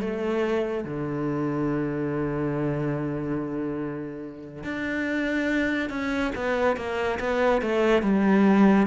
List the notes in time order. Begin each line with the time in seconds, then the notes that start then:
0.00 A3
0.84 D3
4.63 D4
5.89 C#4
6.35 B3
6.76 A#3
7.19 B3
7.61 A3
8.02 G3